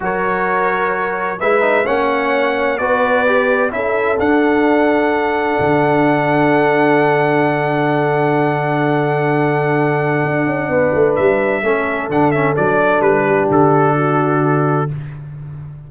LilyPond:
<<
  \new Staff \with { instrumentName = "trumpet" } { \time 4/4 \tempo 4 = 129 cis''2. e''4 | fis''2 d''2 | e''4 fis''2.~ | fis''1~ |
fis''1~ | fis''1 | e''2 fis''8 e''8 d''4 | b'4 a'2. | }
  \new Staff \with { instrumentName = "horn" } { \time 4/4 ais'2. b'4 | cis''2 b'2 | a'1~ | a'1~ |
a'1~ | a'2. b'4~ | b'4 a'2.~ | a'8 g'4. fis'2 | }
  \new Staff \with { instrumentName = "trombone" } { \time 4/4 fis'2. e'8 dis'8 | cis'2 fis'4 g'4 | e'4 d'2.~ | d'1~ |
d'1~ | d'1~ | d'4 cis'4 d'8 cis'8 d'4~ | d'1 | }
  \new Staff \with { instrumentName = "tuba" } { \time 4/4 fis2. gis4 | ais2 b2 | cis'4 d'2. | d1~ |
d1~ | d2 d'8 cis'8 b8 a8 | g4 a4 d4 fis4 | g4 d2. | }
>>